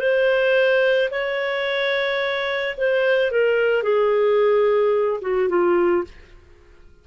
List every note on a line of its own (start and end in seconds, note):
0.00 1.10 C5
1.11 2.76 C#5
2.77 3.32 C5
3.32 3.83 A#4
3.83 5.21 G#4
5.22 5.49 F#4
5.49 6.04 F4